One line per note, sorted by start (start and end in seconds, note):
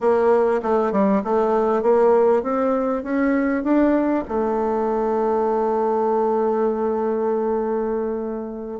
0.00 0.61 A#3
0.62 0.91 A3
0.91 1.22 G3
1.23 1.82 A3
1.82 2.42 A#3
2.42 3.03 C4
3.03 3.63 C#4
3.63 4.24 D4
4.28 8.80 A3